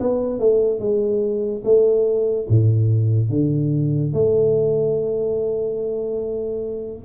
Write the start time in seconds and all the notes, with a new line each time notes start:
0.00 B3
0.40 A3
0.80 G#3
1.65 A3
2.49 A2
3.30 D3
4.13 A3